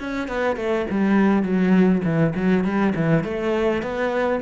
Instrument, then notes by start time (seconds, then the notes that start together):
cello
0.00 C#4
0.28 B3
0.57 A3
0.91 G3
1.43 F#3
2.05 E3
2.36 F#3
2.65 G3
2.96 E3
3.24 A3
3.83 B3